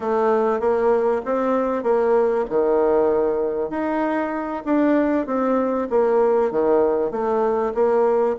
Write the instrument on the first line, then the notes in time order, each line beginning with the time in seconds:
bassoon
0.00 A3
0.60 A#3
1.25 C4
1.83 A#3
2.49 D#3
3.70 D#4
4.65 D4
5.26 C4
5.90 A#3
6.51 D#3
7.11 A3
7.74 A#3